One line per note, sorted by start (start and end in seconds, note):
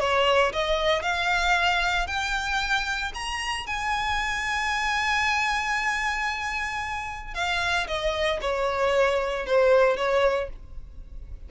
0.00 0.53 C#5
0.53 1.03 D#5
1.03 2.07 F5
2.07 3.12 G5
3.14 3.67 A#5
3.67 7.35 G#5
7.35 7.87 F5
7.88 8.40 D#5
8.41 9.47 C#5
9.47 9.97 C5
9.97 10.50 C#5